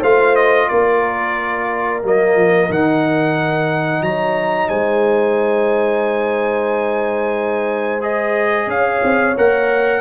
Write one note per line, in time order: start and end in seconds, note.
0.00 0.69 A3
0.00 2.02 F4
0.00 0.67 C5
0.00 0.35 F5
0.35 0.68 D#5
0.68 2.03 A#3
0.68 4.03 A#4
0.68 2.01 D5
2.03 2.35 F#3
2.03 2.70 A#3
2.03 2.72 D#5
2.35 2.69 F3
2.69 4.01 D#3
2.69 8.01 D#4
2.69 4.03 F#5
4.01 4.68 F#3
4.01 4.69 C#5
4.01 4.69 A#5
4.69 8.67 G#3
4.69 8.69 C5
4.69 8.02 G#5
8.01 9.34 G#4
8.01 8.69 D#5
8.67 9.00 C#4
8.67 10.00 C#5
8.67 9.37 F5
9.03 9.36 C4
9.37 10.00 A#3
9.37 10.00 A#4
9.37 10.00 F#5